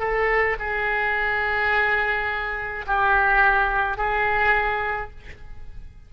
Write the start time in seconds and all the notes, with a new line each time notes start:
0.00 A4
0.60 G#4
2.87 G4
3.98 G#4